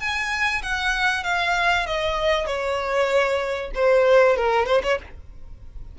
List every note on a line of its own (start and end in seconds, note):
0.00 0.62 G#5
0.63 1.24 F#5
1.24 1.87 F5
1.87 2.47 D#5
2.47 3.72 C#5
3.75 4.37 C5
4.37 4.66 A#4
4.66 4.82 C5
4.84 4.99 C#5